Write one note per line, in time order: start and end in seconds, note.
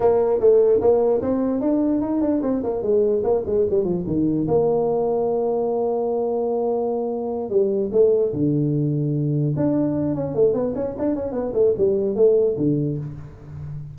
0.00 0.40 A#3
0.40 0.80 A3
0.80 1.21 A#3
1.21 1.61 C4
1.61 2.01 D4
2.01 2.21 D#4
2.21 2.41 D4
2.42 2.62 C4
2.63 2.82 A#3
2.82 3.22 G#3
3.23 3.44 A#3
3.46 3.66 G#3
3.69 3.84 G3
3.84 4.04 F3
4.06 4.47 D#3
4.47 7.49 A#3
7.49 7.90 G3
7.91 8.32 A3
8.32 9.54 D3
9.56 10.14 D4
10.14 10.34 C#4
10.34 10.53 A3
10.53 10.73 B3
10.75 10.95 C#4
10.98 11.15 D4
11.15 11.32 C#4
11.32 11.52 B3
11.53 11.73 A3
11.77 12.15 G3
12.15 12.56 A3
12.57 12.97 D3